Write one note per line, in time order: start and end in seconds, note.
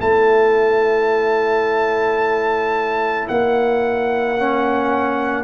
0.00 3.27 A3
0.00 4.36 E4
0.00 5.44 C#5
0.00 3.28 A5
3.28 5.44 A#3
3.28 5.44 F#5
4.37 5.44 C#4